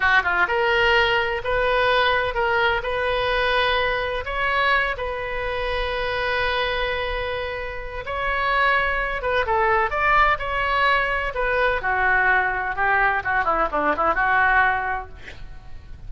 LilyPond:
\new Staff \with { instrumentName = "oboe" } { \time 4/4 \tempo 4 = 127 fis'8 f'8 ais'2 b'4~ | b'4 ais'4 b'2~ | b'4 cis''4. b'4.~ | b'1~ |
b'4 cis''2~ cis''8 b'8 | a'4 d''4 cis''2 | b'4 fis'2 g'4 | fis'8 e'8 d'8 e'8 fis'2 | }